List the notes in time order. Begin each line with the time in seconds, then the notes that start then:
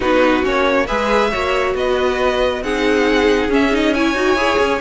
0.00 B3 D#4 F#4 B4
0.43 A#3 C#4 C#5
0.86 G#3 G#4 B4 E5
1.30 A#3 F#4 C#5
1.74 B3 B4 D#5
2.61 C4 D#4 G#4 F#5
3.49 C#4 E5
3.71 D#4 D#5
3.94 E4 C#5 G#5
4.14 D#4 F#4
4.34 E4 G#4
4.59 C#4